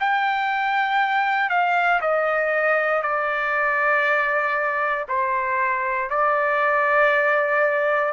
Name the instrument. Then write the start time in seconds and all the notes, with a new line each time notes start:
trumpet
0.00 G5
1.50 F5
2.01 D#5
3.02 D5
5.08 C5
6.10 D5